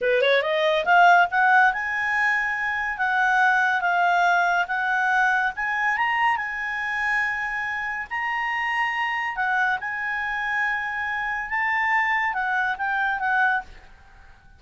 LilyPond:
\new Staff \with { instrumentName = "clarinet" } { \time 4/4 \tempo 4 = 141 b'8 cis''8 dis''4 f''4 fis''4 | gis''2. fis''4~ | fis''4 f''2 fis''4~ | fis''4 gis''4 ais''4 gis''4~ |
gis''2. ais''4~ | ais''2 fis''4 gis''4~ | gis''2. a''4~ | a''4 fis''4 g''4 fis''4 | }